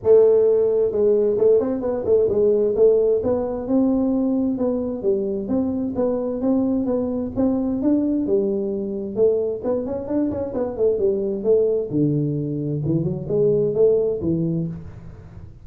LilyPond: \new Staff \with { instrumentName = "tuba" } { \time 4/4 \tempo 4 = 131 a2 gis4 a8 c'8 | b8 a8 gis4 a4 b4 | c'2 b4 g4 | c'4 b4 c'4 b4 |
c'4 d'4 g2 | a4 b8 cis'8 d'8 cis'8 b8 a8 | g4 a4 d2 | e8 fis8 gis4 a4 e4 | }